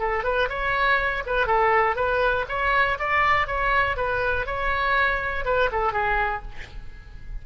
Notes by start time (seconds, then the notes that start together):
0.00 A4
0.24 B4
0.49 C#5
1.27 B4
1.47 A4
1.96 B4
2.49 C#5
3.00 D5
3.48 C#5
3.97 B4
4.47 C#5
5.45 B4
5.72 A4
5.93 G#4